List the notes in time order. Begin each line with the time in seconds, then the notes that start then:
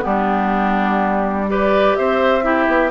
0.00 G3 B3 D4 G4
1.48 G4 B4 D5
1.95 C4 C5 E5
2.42 E4 G4
2.67 B3